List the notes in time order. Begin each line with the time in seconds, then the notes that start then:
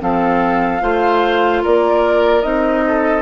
0.00 F3 C4 A4 F5
0.81 A3 F4 C5
1.63 A#3 A#4 D5
2.42 C4 D#4 D#5
2.87 A4